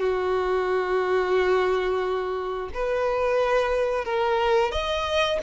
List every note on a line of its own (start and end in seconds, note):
0.00 2.70 F#4
2.75 4.05 B4
4.05 4.72 A#4
4.72 5.39 D#5